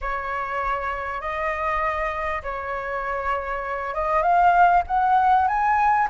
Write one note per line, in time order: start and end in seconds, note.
0.01 1.20 C#5
1.20 2.42 D#5
2.42 3.94 C#5
3.94 4.22 D#5
4.22 4.82 F5
4.87 5.47 F#5
5.47 6.08 G#5